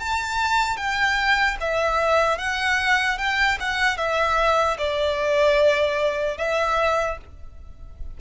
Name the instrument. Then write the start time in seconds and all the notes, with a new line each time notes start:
violin
0.00 A5
0.77 G5
1.61 E5
2.38 F#5
3.18 G5
3.60 F#5
3.97 E5
4.78 D5
6.38 E5